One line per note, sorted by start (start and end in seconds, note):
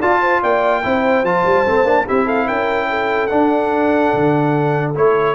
0.00 0.84 F4
0.00 0.43 F4
0.00 0.21 D5
0.00 0.43 A5
0.21 0.42 C5
0.42 0.84 A#3
0.42 0.83 D5
0.42 1.25 G5
0.84 1.24 C4
0.84 1.25 E4
0.84 2.06 C5
1.24 1.44 F3
1.24 1.66 F4
1.24 2.08 A5
1.46 1.66 G3
1.66 1.84 A3
1.66 1.85 C4
1.84 2.05 A#3
1.84 2.06 D4
2.06 2.48 C4
2.06 3.30 E4
2.06 2.26 G4
2.06 2.28 E5
2.26 2.46 A4
2.26 2.48 F5
2.47 3.31 C#4
2.47 2.89 A#4
2.47 3.27 G5
2.90 5.35 A4
3.27 4.94 D4
3.27 4.13 D4
3.27 4.91 F#5
4.14 4.96 D3
4.95 5.35 A3
4.95 5.35 E4
4.95 5.35 C#5